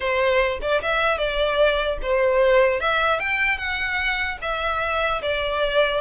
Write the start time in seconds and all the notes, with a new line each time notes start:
0.00 C5
0.61 D5
0.81 E5
1.18 D5
2.02 C5
2.80 E5
3.19 G5
3.57 F#5
4.41 E5
5.22 D5